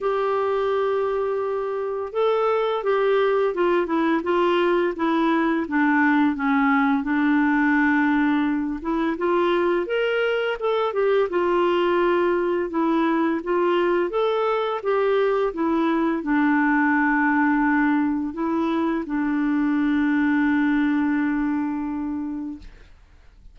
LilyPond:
\new Staff \with { instrumentName = "clarinet" } { \time 4/4 \tempo 4 = 85 g'2. a'4 | g'4 f'8 e'8 f'4 e'4 | d'4 cis'4 d'2~ | d'8 e'8 f'4 ais'4 a'8 g'8 |
f'2 e'4 f'4 | a'4 g'4 e'4 d'4~ | d'2 e'4 d'4~ | d'1 | }